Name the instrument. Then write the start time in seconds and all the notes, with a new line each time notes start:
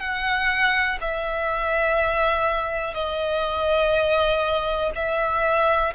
violin
0.00 F#5
1.01 E5
2.95 D#5
4.95 E5